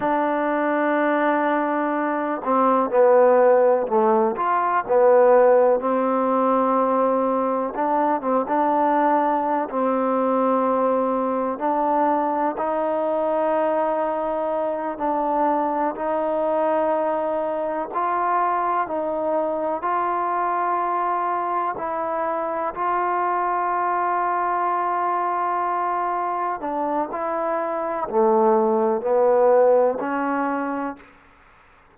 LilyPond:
\new Staff \with { instrumentName = "trombone" } { \time 4/4 \tempo 4 = 62 d'2~ d'8 c'8 b4 | a8 f'8 b4 c'2 | d'8 c'16 d'4~ d'16 c'2 | d'4 dis'2~ dis'8 d'8~ |
d'8 dis'2 f'4 dis'8~ | dis'8 f'2 e'4 f'8~ | f'2.~ f'8 d'8 | e'4 a4 b4 cis'4 | }